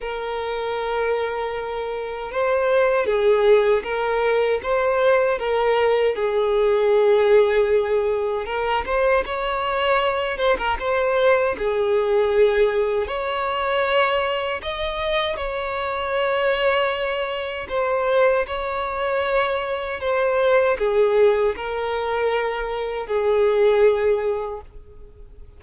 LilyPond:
\new Staff \with { instrumentName = "violin" } { \time 4/4 \tempo 4 = 78 ais'2. c''4 | gis'4 ais'4 c''4 ais'4 | gis'2. ais'8 c''8 | cis''4. c''16 ais'16 c''4 gis'4~ |
gis'4 cis''2 dis''4 | cis''2. c''4 | cis''2 c''4 gis'4 | ais'2 gis'2 | }